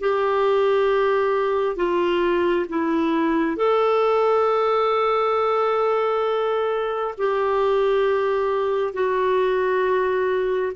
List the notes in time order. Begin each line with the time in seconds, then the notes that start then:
0.00 G4
1.76 F4
2.69 E4
3.57 A4
7.18 G4
8.93 F#4